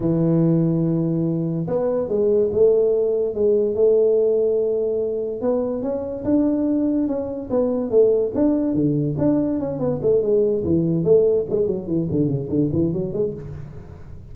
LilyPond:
\new Staff \with { instrumentName = "tuba" } { \time 4/4 \tempo 4 = 144 e1 | b4 gis4 a2 | gis4 a2.~ | a4 b4 cis'4 d'4~ |
d'4 cis'4 b4 a4 | d'4 d4 d'4 cis'8 b8 | a8 gis4 e4 a4 gis8 | fis8 e8 d8 cis8 d8 e8 fis8 gis8 | }